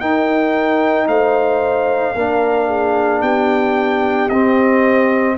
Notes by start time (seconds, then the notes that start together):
0.00 D#4 A#4 G5
1.07 A3 C5 F5
2.15 A#3 D4 A#4
2.67 G#4
3.21 B3 G4 G5
4.29 C4 D#5